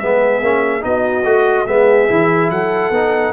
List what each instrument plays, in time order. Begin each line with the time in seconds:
0.00 tuba G#3, trombone B3, horn G#4, trumpet E5
0.41 tuba A#3, trombone C#4
0.82 tuba B3, trombone D#4, horn F#4, trumpet D#5
1.25 tuba A3, trombone F#4
1.67 tuba G#3, trombone B3, horn G#4, trumpet E5
2.10 tuba E3, trombone E4
2.51 tuba F#3, horn A4, trumpet F#5
2.91 tuba B3, trombone D#4